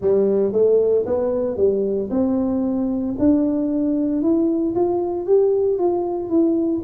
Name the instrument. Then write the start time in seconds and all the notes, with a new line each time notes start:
tuba
0.00 G3
0.52 A3
1.06 B3
1.56 G3
2.10 C4
3.18 D4
4.22 E4
4.75 F4
5.26 G4
5.78 F4
6.29 E4